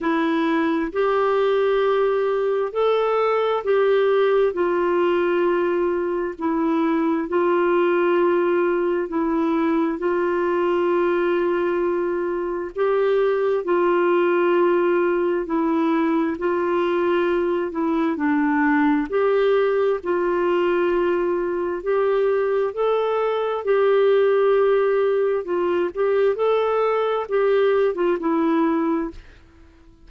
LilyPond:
\new Staff \with { instrumentName = "clarinet" } { \time 4/4 \tempo 4 = 66 e'4 g'2 a'4 | g'4 f'2 e'4 | f'2 e'4 f'4~ | f'2 g'4 f'4~ |
f'4 e'4 f'4. e'8 | d'4 g'4 f'2 | g'4 a'4 g'2 | f'8 g'8 a'4 g'8. f'16 e'4 | }